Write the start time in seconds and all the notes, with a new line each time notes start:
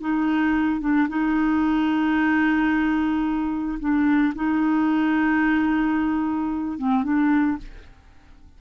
0.00 D#4
0.80 D4
1.08 D#4
3.79 D4
4.35 D#4
6.78 C4
7.03 D4